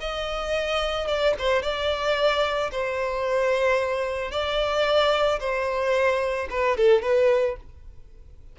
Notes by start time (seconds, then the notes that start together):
0.00 D#5
1.07 D5
1.38 C5
1.62 D5
2.71 C5
4.31 D5
5.39 C5
6.50 B4
6.77 A4
7.02 B4